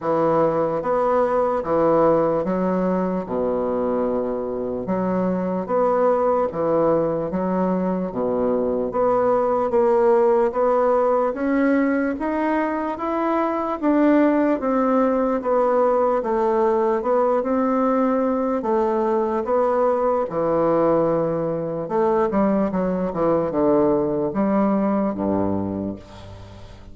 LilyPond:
\new Staff \with { instrumentName = "bassoon" } { \time 4/4 \tempo 4 = 74 e4 b4 e4 fis4 | b,2 fis4 b4 | e4 fis4 b,4 b4 | ais4 b4 cis'4 dis'4 |
e'4 d'4 c'4 b4 | a4 b8 c'4. a4 | b4 e2 a8 g8 | fis8 e8 d4 g4 g,4 | }